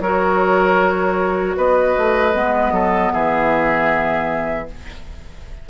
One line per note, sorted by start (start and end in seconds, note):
0.00 1.56 F#3
0.00 2.33 F#4
0.00 1.57 A#4
0.00 1.57 C#5
1.57 1.96 B3
1.57 2.74 B4
1.57 3.12 D#5
1.98 2.34 A3
2.33 2.72 G#3
2.33 4.67 B3
2.72 3.11 F#3
2.72 3.12 A4
3.12 4.69 E3
3.12 4.69 G#4
3.12 4.68 E5